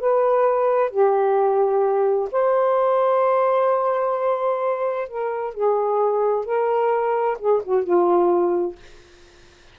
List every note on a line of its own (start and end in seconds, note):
0.00 0.90 B4
0.90 2.29 G4
2.31 5.08 C5
5.09 5.54 A#4
5.54 6.45 G#4
6.45 7.37 A#4
7.39 7.62 G#4
7.64 7.84 F#4
7.84 8.76 F4